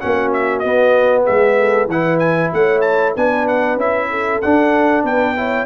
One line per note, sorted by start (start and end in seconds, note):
0.00 0.64 A#3
0.00 0.63 C#4
0.00 1.24 F#4
0.00 0.32 F#5
0.33 0.59 E5
0.59 1.90 B3
0.59 1.27 B3
0.59 1.22 D#5
1.24 1.87 G#3
1.24 1.55 G#4
1.24 1.89 E5
1.58 1.90 A4
1.87 2.50 E3
1.87 3.16 E4
1.87 2.53 B4
1.87 2.19 F#5
2.19 2.51 G#5
2.53 3.16 A3
2.53 3.14 C#5
2.53 2.81 F#5
2.81 3.13 A5
3.14 3.77 B3
3.14 3.79 D4
3.14 4.09 B4
3.14 3.48 G#5
3.48 3.79 F#5
3.77 4.40 C#4
3.77 4.42 E4
3.77 4.41 E5
4.10 5.05 A4
4.41 5.04 D4
4.41 5.36 D4
4.41 5.05 F#5
5.04 5.66 B3
5.04 5.37 B4
5.04 5.66 G5
5.36 5.66 E4
5.36 5.66 C#5